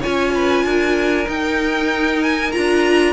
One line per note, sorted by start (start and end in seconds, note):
0.00 1.25 F4
0.00 0.31 C#5
0.00 1.28 G#5
0.06 0.64 C#4
0.34 0.65 B4
0.64 1.26 D4
0.64 3.13 A#4
1.25 2.50 D#4
1.25 2.53 D#4
1.25 2.23 G5
2.23 2.52 G#5
2.52 3.13 D4
2.52 3.13 F4
2.52 3.13 A#5